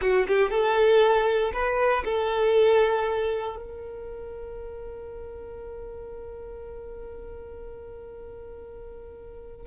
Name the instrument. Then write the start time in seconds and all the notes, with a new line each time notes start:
violin
0.01 F#4
0.27 G4
0.50 A4
1.53 B4
2.05 A4
3.56 A#4